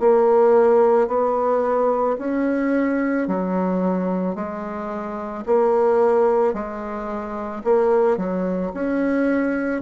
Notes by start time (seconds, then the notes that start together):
0.00 A#3
1.08 B3
2.18 C#4
3.28 F#3
4.35 G#3
5.46 A#3
6.54 G#3
7.64 A#3
8.17 F#3
8.74 C#4